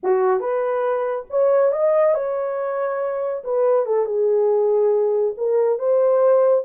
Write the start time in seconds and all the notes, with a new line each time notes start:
0.03 F#4
0.40 B4
1.30 C#5
1.72 D#5
2.14 C#5
3.44 B4
3.86 A4
4.05 G#4
5.37 A#4
5.78 C5